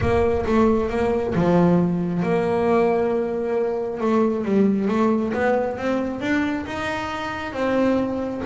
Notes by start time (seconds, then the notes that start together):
0.00 A#3
0.45 A3
0.89 A#3
1.34 F3
2.22 A#3
4.00 A3
4.44 G3
4.88 A3
5.33 B3
5.77 C4
6.20 D4
6.65 D#4
7.52 C4